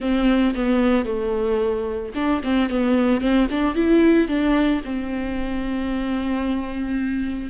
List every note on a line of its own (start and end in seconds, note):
0.00 0.54 C4
0.54 1.05 B3
1.05 2.12 A3
2.14 2.41 D4
2.43 2.69 C4
2.69 3.20 B3
3.20 3.47 C4
3.50 3.75 D4
3.75 4.27 E4
4.27 4.81 D4
4.84 7.50 C4